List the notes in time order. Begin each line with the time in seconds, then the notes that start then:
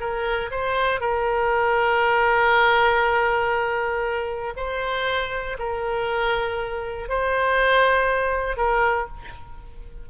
0.00 A#4
0.51 C5
1.01 A#4
4.57 C5
5.59 A#4
7.09 C5
8.57 A#4